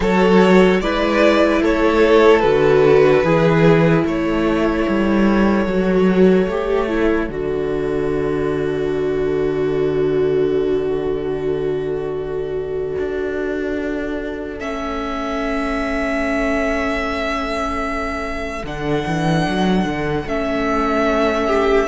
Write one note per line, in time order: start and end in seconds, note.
0.00 0.80 F#3
0.00 0.83 F#4
0.00 0.79 A4
0.00 0.81 C#5
0.80 1.61 G#3
0.80 2.42 E4
0.80 1.62 B4
0.80 1.62 D5
1.62 2.43 A3
1.62 3.24 A4
1.62 2.40 C#5
2.40 3.23 D3
2.40 3.23 F#4
2.40 4.02 B4
3.23 4.04 E3
3.23 5.68 E4
3.23 4.05 G#4
4.04 4.85 A3
4.04 21.46 A4
4.04 7.31 C#5
4.88 5.66 G3
5.66 6.47 F#3
5.66 6.49 F#4
6.47 7.28 A3
6.47 6.89 G4
6.89 7.29 E4
7.29 12.96 D3
7.29 14.58 F#4
7.29 14.59 D5
12.98 14.60 D4
14.58 18.63 A3
14.58 18.63 C#4
14.58 18.65 E5
18.63 19.04 D3
18.63 20.27 D4
18.63 20.28 F#5
19.06 19.47 E3
19.47 19.84 F#3
19.84 20.25 D3
20.26 21.88 A3
20.26 21.88 C#4
20.26 21.88 E5
21.46 21.87 G4